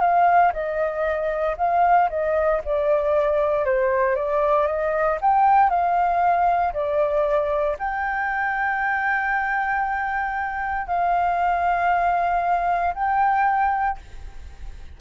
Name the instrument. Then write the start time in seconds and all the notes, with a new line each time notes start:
flute
0.00 F5
0.53 D#5
1.57 F5
2.09 D#5
2.65 D5
3.65 C5
4.16 D5
4.66 D#5
5.21 G5
5.69 F5
6.73 D5
7.79 G5
10.87 F5
12.94 G5